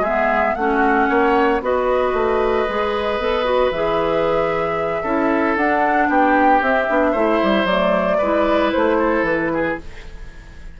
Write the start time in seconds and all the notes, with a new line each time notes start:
0.00 G#3 B3 G#4 E5
0.55 A3 C#4 F#4 F#5
1.09 A#3 C#5
1.61 B3 F#4 B4 D#5
2.13 A3
2.68 G#3 G#4
3.18 B3 A4
3.45 F#4
3.71 E3 G#4 E5
5.02 C#4 E4 A4
5.56 D4 F#5
6.08 B3 G4 G5
6.61 C4 E5
6.88 B3 D4
7.12 A3 E4 C5
7.43 G3
7.65 F#3 A3 D5
8.18 G#3 E4 B4
8.72 A3 C5
8.99 A4
9.22 E3 B4
9.53 G#4